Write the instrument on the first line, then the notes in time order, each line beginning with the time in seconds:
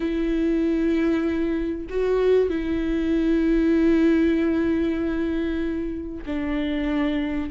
viola
0.00 E4
1.89 F#4
2.49 E4
6.26 D4